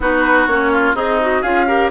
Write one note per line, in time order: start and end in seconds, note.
0.00 0.47 B3
0.00 0.48 D#4
0.00 0.72 F#4
0.00 0.46 B4
0.46 0.94 A#3
0.46 0.95 C#4
0.46 0.94 C#5
0.72 0.95 F4
0.94 1.41 C4
0.94 1.41 D#4
0.94 1.19 G#4
0.94 1.42 D#5
1.21 1.44 F#4
1.41 1.90 C#4
1.41 1.67 F4
1.41 1.65 G#4
1.41 1.90 F5
1.67 1.91 G4
1.67 1.91 A#4